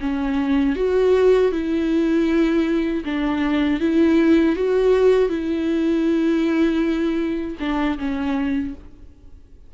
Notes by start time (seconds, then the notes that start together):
0.00 C#4
0.76 F#4
1.52 E4
3.04 D4
3.80 E4
4.55 F#4
5.29 E4
7.59 D4
7.98 C#4